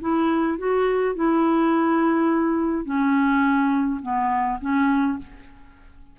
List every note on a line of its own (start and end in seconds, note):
0.00 0.58 E4
0.58 1.15 F#4
1.15 2.85 E4
2.85 4.00 C#4
4.02 4.59 B3
4.60 5.18 C#4